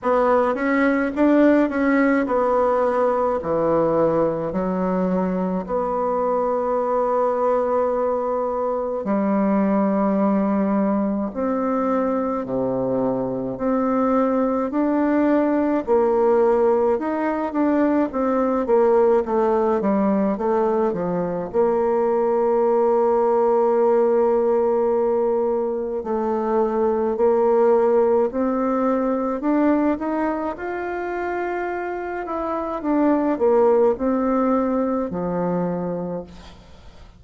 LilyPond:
\new Staff \with { instrumentName = "bassoon" } { \time 4/4 \tempo 4 = 53 b8 cis'8 d'8 cis'8 b4 e4 | fis4 b2. | g2 c'4 c4 | c'4 d'4 ais4 dis'8 d'8 |
c'8 ais8 a8 g8 a8 f8 ais4~ | ais2. a4 | ais4 c'4 d'8 dis'8 f'4~ | f'8 e'8 d'8 ais8 c'4 f4 | }